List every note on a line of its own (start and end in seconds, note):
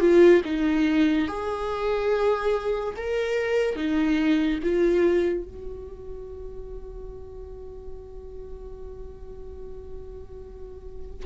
0.00 0.42 F4
0.44 1.28 D#4
1.28 2.94 G#4
2.97 3.76 A#4
3.76 4.59 D#4
4.63 5.44 F4
5.44 11.26 F#4